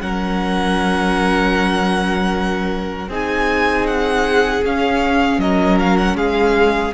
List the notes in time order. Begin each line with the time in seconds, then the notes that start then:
0.00 F#3 C#4 A#4 F#5
3.08 C4 D#4 G#4 G#5
3.87 F#5
4.65 C#4 F5
5.38 F#3 A#4 D#5
5.80 F5
5.98 F#5
6.15 G#3 G#4 F5